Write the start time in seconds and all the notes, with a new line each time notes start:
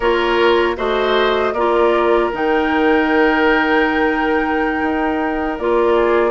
0.00 A#3 F4 A#4 C#5
0.76 A3 F#4 C5 D#5
1.52 A#3 F4 A#4 D5
2.32 D#3 D#4 G5
4.81 D#4
5.58 A#3 F4 D5
5.95 G#4